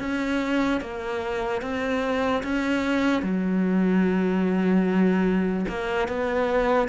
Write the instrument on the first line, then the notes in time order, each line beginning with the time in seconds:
cello
0.00 C#4
0.81 A#3
1.62 C4
2.43 C#4
3.22 F#3
5.68 A#3
6.08 B3